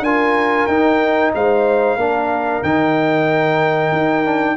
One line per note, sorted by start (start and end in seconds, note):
0.00 0.65 D4
0.00 0.69 F4
0.00 1.32 A#4
0.00 0.66 G#5
0.66 1.32 D#4
0.66 1.99 D#4
0.66 1.31 G5
1.34 1.96 G#3
1.34 1.97 C5
1.34 2.63 F5
1.96 2.60 A#3
1.96 2.63 D4
1.96 4.55 A#4
2.63 3.92 D#3
2.63 4.24 D#4
2.63 4.56 G5
3.92 4.56 D#4
4.24 4.56 D4